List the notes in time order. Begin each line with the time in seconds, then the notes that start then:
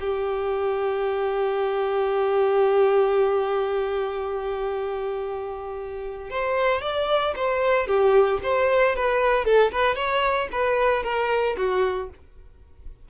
0.00 G4
6.30 C5
6.81 D5
7.36 C5
7.87 G4
8.43 C5
8.95 B4
9.45 A4
9.71 B4
9.95 C#5
10.51 B4
11.03 A#4
11.57 F#4